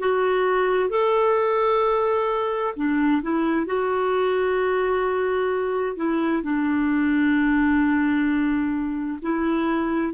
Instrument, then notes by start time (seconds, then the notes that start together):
clarinet
0.00 F#4
0.90 A4
2.77 D4
3.22 E4
3.67 F#4
5.97 E4
6.43 D4
9.23 E4